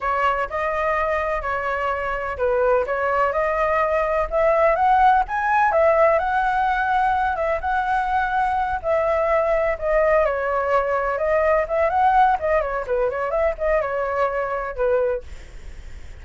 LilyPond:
\new Staff \with { instrumentName = "flute" } { \time 4/4 \tempo 4 = 126 cis''4 dis''2 cis''4~ | cis''4 b'4 cis''4 dis''4~ | dis''4 e''4 fis''4 gis''4 | e''4 fis''2~ fis''8 e''8 |
fis''2~ fis''8 e''4.~ | e''8 dis''4 cis''2 dis''8~ | dis''8 e''8 fis''4 dis''8 cis''8 b'8 cis''8 | e''8 dis''8 cis''2 b'4 | }